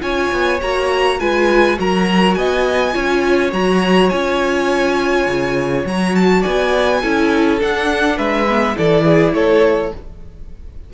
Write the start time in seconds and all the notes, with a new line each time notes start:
0.00 C#4 F4 C#5 G#5
0.32 B3
0.62 A#3 F#4 A#5
1.19 G#3 F4 B4 G#5
1.76 F#3 F#4 A#4 A#5
2.34 B3 D#5 G#5
2.92 C#4 F4 C#5
3.51 F#3 F#4 A#5
4.09 C#4 F4 G#5
5.26 C#3
5.85 F#3 F#4 A#5
6.15 A5
6.40 B3 D5 G#5
7.01 C#4 E4 A4
7.59 D4 F#5
8.17 G#3 B4 E5
8.49 B3
8.75 E3 E4 A4 D5
9.05 G#4
9.33 A3 A4 C#5